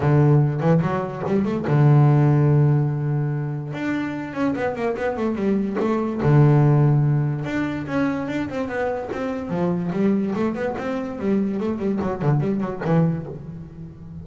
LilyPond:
\new Staff \with { instrumentName = "double bass" } { \time 4/4 \tempo 4 = 145 d4. e8 fis4 g8 a8 | d1~ | d4 d'4. cis'8 b8 ais8 | b8 a8 g4 a4 d4~ |
d2 d'4 cis'4 | d'8 c'8 b4 c'4 f4 | g4 a8 b8 c'4 g4 | a8 g8 fis8 d8 g8 fis8 e4 | }